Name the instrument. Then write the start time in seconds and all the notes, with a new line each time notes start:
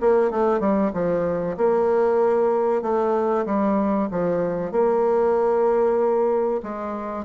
bassoon
0.00 A#3
0.31 A3
0.60 G3
0.93 F3
1.57 A#3
2.82 A3
3.45 G3
4.11 F3
4.71 A#3
6.63 G#3